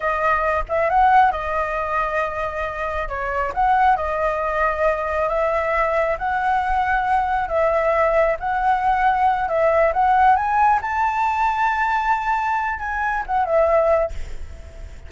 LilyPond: \new Staff \with { instrumentName = "flute" } { \time 4/4 \tempo 4 = 136 dis''4. e''8 fis''4 dis''4~ | dis''2. cis''4 | fis''4 dis''2. | e''2 fis''2~ |
fis''4 e''2 fis''4~ | fis''4. e''4 fis''4 gis''8~ | gis''8 a''2.~ a''8~ | a''4 gis''4 fis''8 e''4. | }